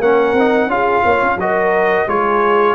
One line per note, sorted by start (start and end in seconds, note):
0.00 0.34 A#3
0.00 0.37 C#4
0.00 0.70 A#4
0.00 0.71 F#5
0.34 0.67 C4
0.40 0.70 D#4
0.67 1.01 C#4
0.67 1.39 F4
0.67 1.04 G#4
0.67 1.40 F5
1.04 1.23 A#3
1.04 1.39 C#5
1.23 1.36 C#4
1.36 2.05 F#3
1.36 2.09 F#4
1.36 2.09 A#4
1.36 2.09 D#5
2.08 2.76 G#3
2.08 2.76 F4
2.08 2.76 G#4
2.08 2.76 C#5